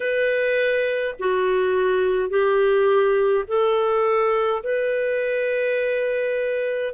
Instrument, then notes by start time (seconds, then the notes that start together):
clarinet
0.00 B4
1.19 F#4
2.29 G4
3.47 A4
4.63 B4